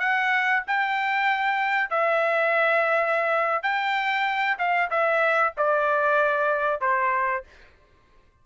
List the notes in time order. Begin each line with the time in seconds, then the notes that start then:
0.00 F#5
0.68 G5
1.90 E5
3.63 G5
4.59 F5
4.91 E5
5.58 D5
6.81 C5